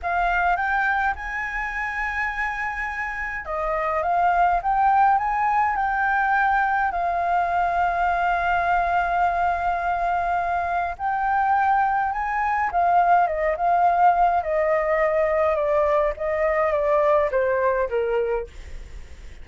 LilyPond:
\new Staff \with { instrumentName = "flute" } { \time 4/4 \tempo 4 = 104 f''4 g''4 gis''2~ | gis''2 dis''4 f''4 | g''4 gis''4 g''2 | f''1~ |
f''2. g''4~ | g''4 gis''4 f''4 dis''8 f''8~ | f''4 dis''2 d''4 | dis''4 d''4 c''4 ais'4 | }